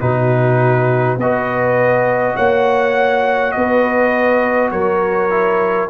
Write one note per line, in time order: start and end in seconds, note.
0.00 1.17 B2
0.00 1.18 D#4
0.00 1.19 F#4
0.00 1.18 B4
1.17 2.34 B3
1.17 5.30 F#4
1.17 2.36 B4
1.17 2.36 D#5
2.36 3.54 A#3
2.36 3.53 C#5
2.36 3.51 F#5
3.51 4.71 B3
3.51 4.72 B4
3.51 4.69 D#5
4.71 5.89 F#3
4.71 5.89 A#4
4.71 5.89 C#5
5.30 5.88 E4